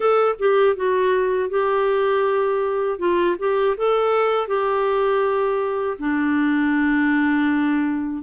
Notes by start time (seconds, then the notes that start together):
0.00 A4
0.39 G4
0.76 F#4
1.49 G4
2.98 F4
3.39 G4
3.77 A4
4.47 G4
5.98 D4